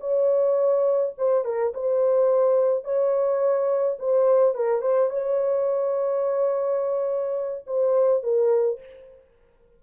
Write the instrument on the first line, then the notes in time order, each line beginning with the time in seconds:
horn
0.00 C#5
1.18 C5
1.44 A#4
1.74 C5
2.84 C#5
3.99 C5
4.55 A#4
4.81 C5
5.10 C#5
7.66 C5
8.23 A#4